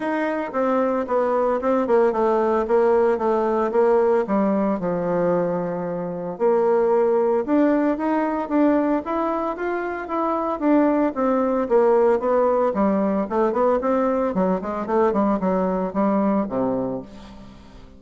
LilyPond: \new Staff \with { instrumentName = "bassoon" } { \time 4/4 \tempo 4 = 113 dis'4 c'4 b4 c'8 ais8 | a4 ais4 a4 ais4 | g4 f2. | ais2 d'4 dis'4 |
d'4 e'4 f'4 e'4 | d'4 c'4 ais4 b4 | g4 a8 b8 c'4 fis8 gis8 | a8 g8 fis4 g4 c4 | }